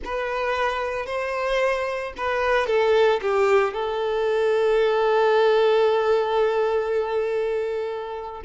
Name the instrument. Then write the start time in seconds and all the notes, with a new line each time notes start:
violin
0.04 B4
1.06 C5
2.17 B4
2.66 A4
3.21 G4
3.73 A4